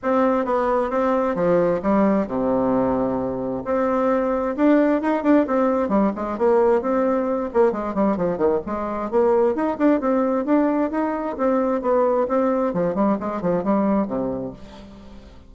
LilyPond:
\new Staff \with { instrumentName = "bassoon" } { \time 4/4 \tempo 4 = 132 c'4 b4 c'4 f4 | g4 c2. | c'2 d'4 dis'8 d'8 | c'4 g8 gis8 ais4 c'4~ |
c'8 ais8 gis8 g8 f8 dis8 gis4 | ais4 dis'8 d'8 c'4 d'4 | dis'4 c'4 b4 c'4 | f8 g8 gis8 f8 g4 c4 | }